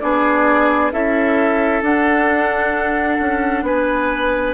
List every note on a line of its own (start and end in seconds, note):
0.00 0.92 B3
0.00 0.91 D4
0.00 0.92 G#4
0.00 0.91 D5
0.91 1.82 C#4
0.91 1.82 E4
0.91 3.65 A4
0.91 1.83 E5
1.82 3.18 D4
1.82 4.53 D4
1.82 3.64 F#5
3.20 3.62 C#4
3.62 4.53 B3
3.62 4.53 B4
3.62 4.53 G#5